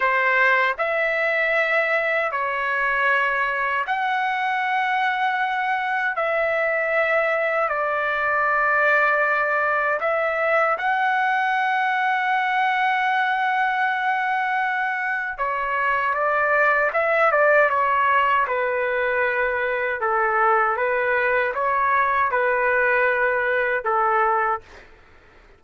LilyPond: \new Staff \with { instrumentName = "trumpet" } { \time 4/4 \tempo 4 = 78 c''4 e''2 cis''4~ | cis''4 fis''2. | e''2 d''2~ | d''4 e''4 fis''2~ |
fis''1 | cis''4 d''4 e''8 d''8 cis''4 | b'2 a'4 b'4 | cis''4 b'2 a'4 | }